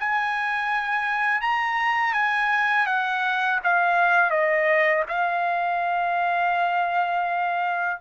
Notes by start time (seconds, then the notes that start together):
0.00 G#5
1.42 A#5
2.14 G#5
2.87 F#5
3.64 F5
4.31 D#5
5.09 F5